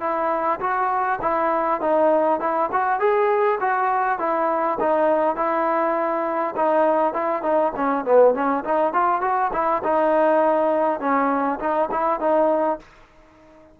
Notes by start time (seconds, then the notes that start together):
0.00 E4
0.60 F#4
1.22 E4
1.81 D#4
2.40 E4
2.72 F#4
2.99 G#4
3.60 F#4
4.19 E4
4.80 D#4
5.36 E4
6.56 D#4
7.14 E4
7.43 D#4
7.76 C#4
8.05 B3
8.34 C#4
8.64 D#4
8.93 F4
9.21 F#4
9.53 E4
9.83 D#4
11.00 C#4
11.59 D#4
11.91 E4
12.20 D#4